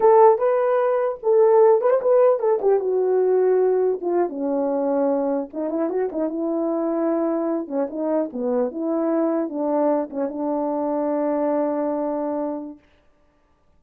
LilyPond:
\new Staff \with { instrumentName = "horn" } { \time 4/4 \tempo 4 = 150 a'4 b'2 a'4~ | a'8 b'16 c''16 b'4 a'8 g'8 fis'4~ | fis'2 f'8. cis'4~ cis'16~ | cis'4.~ cis'16 dis'8 e'8 fis'8 dis'8 e'16~ |
e'2.~ e'16 cis'8 dis'16~ | dis'8. b4 e'2 d'16~ | d'4~ d'16 cis'8 d'2~ d'16~ | d'1 | }